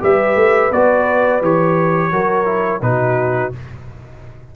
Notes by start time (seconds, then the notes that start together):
0.00 G3 G4 B4 E5
0.35 A3
0.71 B3 F#4 D5
1.41 E3 G4 C#5
2.12 F#3 F#4 A#4
2.45 E4
2.81 B2 D#4 F#4 B4